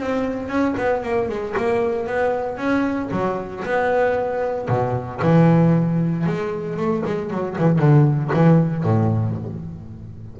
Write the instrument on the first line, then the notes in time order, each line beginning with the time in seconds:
double bass
0.00 C4
0.48 C#4
0.78 B3
1.03 A#3
1.29 G#3
1.57 A#3
2.07 B3
2.57 C#4
3.11 F#3
3.65 B3
4.68 B2
5.22 E3
6.26 G#3
6.77 A3
7.06 G#3
7.30 F#3
7.58 E3
7.79 D3
8.34 E3
8.84 A2